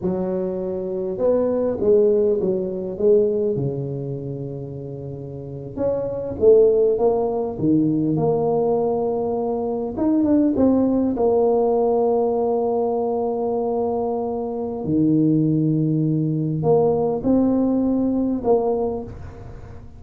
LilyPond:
\new Staff \with { instrumentName = "tuba" } { \time 4/4 \tempo 4 = 101 fis2 b4 gis4 | fis4 gis4 cis2~ | cis4.~ cis16 cis'4 a4 ais16~ | ais8. dis4 ais2~ ais16~ |
ais8. dis'8 d'8 c'4 ais4~ ais16~ | ais1~ | ais4 dis2. | ais4 c'2 ais4 | }